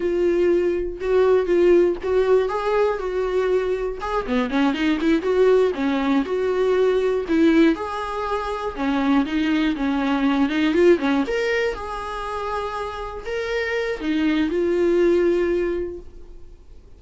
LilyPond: \new Staff \with { instrumentName = "viola" } { \time 4/4 \tempo 4 = 120 f'2 fis'4 f'4 | fis'4 gis'4 fis'2 | gis'8 b8 cis'8 dis'8 e'8 fis'4 cis'8~ | cis'8 fis'2 e'4 gis'8~ |
gis'4. cis'4 dis'4 cis'8~ | cis'4 dis'8 f'8 cis'8 ais'4 gis'8~ | gis'2~ gis'8 ais'4. | dis'4 f'2. | }